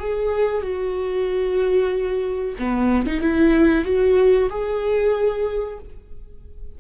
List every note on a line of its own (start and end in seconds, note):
0.00 0.62 G#4
0.62 2.56 F#4
2.59 3.07 B3
3.07 3.21 D#4
3.21 3.85 E4
3.85 4.50 F#4
4.50 5.79 G#4